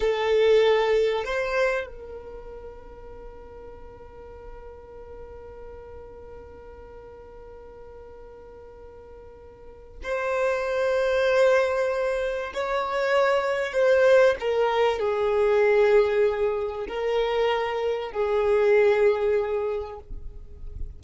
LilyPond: \new Staff \with { instrumentName = "violin" } { \time 4/4 \tempo 4 = 96 a'2 c''4 ais'4~ | ais'1~ | ais'1~ | ais'1 |
c''1 | cis''2 c''4 ais'4 | gis'2. ais'4~ | ais'4 gis'2. | }